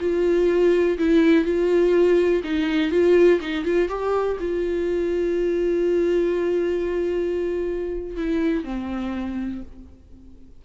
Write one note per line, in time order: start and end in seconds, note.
0.00 0.98 F4
0.98 1.44 E4
1.44 2.42 F4
2.44 2.91 D#4
2.91 3.39 F4
3.40 3.64 D#4
3.64 3.88 F4
3.88 4.37 G4
4.40 8.16 F4
8.16 8.64 E4
8.64 9.61 C4